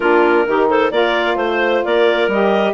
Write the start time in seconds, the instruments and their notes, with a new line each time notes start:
0.00 bassoon A#3, saxophone D4, clarinet F4 A#4
0.46 bassoon D#3, saxophone D#4, clarinet G4
0.69 clarinet A4 C5
0.91 bassoon A#3, saxophone F4, clarinet A#4 D5
1.35 bassoon A3, clarinet C5
1.84 bassoon A#3, clarinet A#4 D5
2.27 bassoon G3, saxophone G4, clarinet D#5